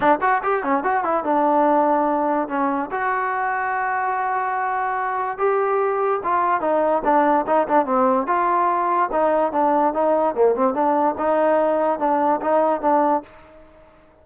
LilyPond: \new Staff \with { instrumentName = "trombone" } { \time 4/4 \tempo 4 = 145 d'8 fis'8 g'8 cis'8 fis'8 e'8 d'4~ | d'2 cis'4 fis'4~ | fis'1~ | fis'4 g'2 f'4 |
dis'4 d'4 dis'8 d'8 c'4 | f'2 dis'4 d'4 | dis'4 ais8 c'8 d'4 dis'4~ | dis'4 d'4 dis'4 d'4 | }